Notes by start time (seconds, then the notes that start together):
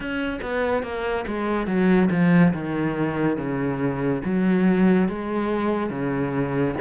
0.00 C#4
0.41 B3
0.83 A#3
1.27 G#3
1.66 F#3
2.10 F3
2.54 D#3
3.37 C#3
4.24 F#3
5.08 G#3
5.90 C#3